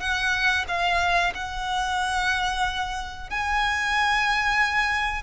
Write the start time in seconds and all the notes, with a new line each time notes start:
0.00 F#5
0.68 F5
1.34 F#5
3.30 G#5